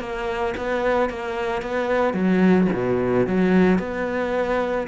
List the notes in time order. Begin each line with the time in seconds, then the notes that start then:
0.00 A#3
0.57 B3
1.10 A#3
1.62 B3
2.14 F#3
2.73 B2
3.27 F#3
3.79 B3